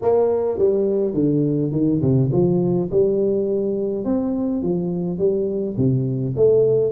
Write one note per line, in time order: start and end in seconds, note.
0.01 0.58 A#3
0.58 1.14 G3
1.14 1.72 D3
1.72 2.00 D#3
2.01 2.30 C3
2.32 2.90 F3
2.91 4.05 G3
4.05 4.62 C4
4.62 5.18 F3
5.18 5.76 G3
5.77 6.35 C3
6.36 6.91 A3